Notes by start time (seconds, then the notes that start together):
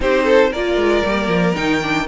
0.00 C4 D#4 G4 C5
0.24 A4
0.50 A#3 F4 A#4 D5
0.76 G#3
1.05 G3 A#3
1.27 F3
1.55 D#3 D#4 G5
1.82 D4